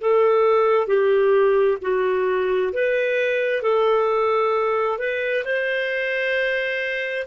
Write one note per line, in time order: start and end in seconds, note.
0.00 0.87 A4
0.87 1.78 G4
1.81 2.72 F#4
2.73 3.62 B4
3.62 4.98 A4
4.98 5.44 B4
5.45 7.26 C5